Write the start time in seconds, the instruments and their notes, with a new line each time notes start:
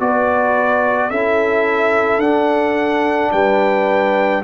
0.00 tuba B3, trombone F#4, horn B4, trumpet D5
1.10 tuba C#4, trombone E4, horn A4, trumpet E5
2.18 tuba D4, trombone D4, trumpet F#5
3.32 tuba G3, horn B4, trumpet G5